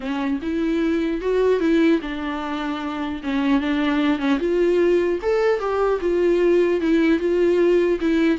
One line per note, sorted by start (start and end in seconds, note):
0.00 0.39 C#4
0.42 1.21 E4
1.21 1.59 F#4
1.59 1.99 E4
2.01 3.21 D4
3.23 3.60 C#4
3.60 4.18 D4
4.18 4.38 C#4
4.39 5.19 F4
5.22 5.59 A4
5.59 5.99 G4
6.01 6.81 F4
6.81 7.19 E4
7.19 7.99 F4
8.00 8.38 E4